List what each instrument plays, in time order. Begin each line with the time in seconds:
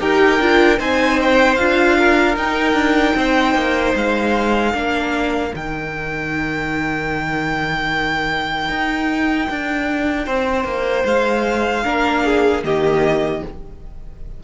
0.00 cello D#4, viola G4, violin A#4 G5
0.40 cello D4, viola F4
0.78 cello C4, viola D#4, violin C5 G#5
1.22 violin G5
1.56 cello D4, viola F4, violin F5
1.98 violin A#4
2.36 cello D#4, viola D#4, violin G5
2.73 cello D4
3.16 cello C4, violin C5
3.55 cello A#3
3.95 cello G#3, violin F5
4.72 cello A#3, viola D4, violin A#4
5.52 cello D#3, viola D#4, violin G5
8.69 cello D#4
9.50 cello D4
10.26 cello C4, violin C5
10.64 cello A#3
11.05 cello G#3, violin F5
11.84 cello A#3, viola D4, violin A#4
12.25 violin G#4
12.64 cello D#3, viola A#3, violin G4 D#5